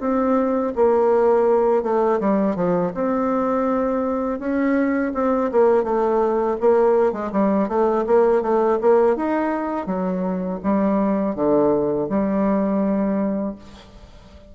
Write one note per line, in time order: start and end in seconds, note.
0.00 0.73 C4
0.76 1.83 A#3
1.83 2.20 A3
2.20 2.56 G3
2.56 2.92 F3
2.94 4.39 C4
4.39 5.13 C#4
5.14 5.51 C4
5.51 5.84 A#3
5.84 6.57 A3
6.61 7.12 A#3
7.12 7.31 G#3
7.32 7.69 G3
7.69 8.05 A3
8.07 8.42 A#3
8.42 8.79 A3
8.81 9.16 A#3
9.16 9.86 D#4
9.86 10.60 F#3
10.63 11.35 G3
11.35 12.09 D3
12.09 13.56 G3